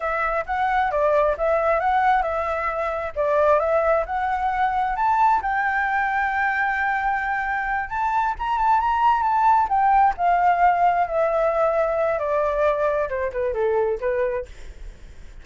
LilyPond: \new Staff \with { instrumentName = "flute" } { \time 4/4 \tempo 4 = 133 e''4 fis''4 d''4 e''4 | fis''4 e''2 d''4 | e''4 fis''2 a''4 | g''1~ |
g''4. a''4 ais''8 a''8 ais''8~ | ais''8 a''4 g''4 f''4.~ | f''8 e''2~ e''8 d''4~ | d''4 c''8 b'8 a'4 b'4 | }